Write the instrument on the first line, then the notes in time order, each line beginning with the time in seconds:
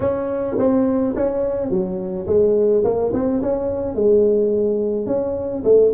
tuba
0.00 C#4
0.58 C4
1.15 C#4
1.70 F#3
2.26 G#3
2.84 A#3
3.13 C4
3.42 C#4
3.94 G#3
5.06 C#4
5.63 A3